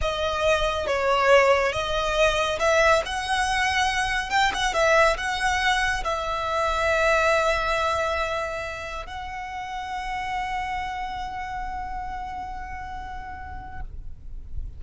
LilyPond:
\new Staff \with { instrumentName = "violin" } { \time 4/4 \tempo 4 = 139 dis''2 cis''2 | dis''2 e''4 fis''4~ | fis''2 g''8 fis''8 e''4 | fis''2 e''2~ |
e''1~ | e''4 fis''2.~ | fis''1~ | fis''1 | }